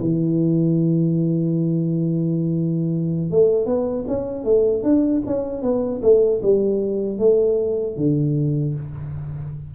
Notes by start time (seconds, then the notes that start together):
0.00 E3
3.31 A3
3.66 B3
4.08 C#4
4.45 A3
4.83 D4
5.26 C#4
5.62 B3
6.02 A3
6.43 G3
7.19 A3
7.97 D3